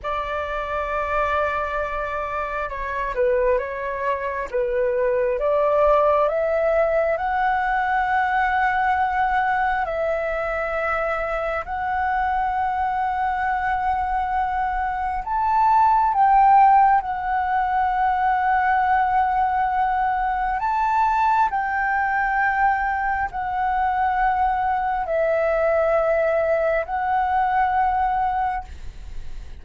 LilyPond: \new Staff \with { instrumentName = "flute" } { \time 4/4 \tempo 4 = 67 d''2. cis''8 b'8 | cis''4 b'4 d''4 e''4 | fis''2. e''4~ | e''4 fis''2.~ |
fis''4 a''4 g''4 fis''4~ | fis''2. a''4 | g''2 fis''2 | e''2 fis''2 | }